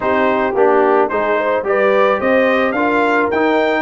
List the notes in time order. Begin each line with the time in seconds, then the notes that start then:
0.00 C4 D#4 G4 C5
0.54 A#3 D4 G4
1.08 G#3 D#4 G#4 C5
1.37 C5
1.62 G3 G4 B4 D5
2.19 C4 C5 D#5
2.72 D4 F4 A#4 F5
3.30 D#4 G5